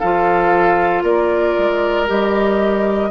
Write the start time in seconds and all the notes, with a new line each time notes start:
0.00 F3 F4 A4 F5
1.03 A#3 A#4 D5
1.59 G#3
2.07 G3 G4 D#5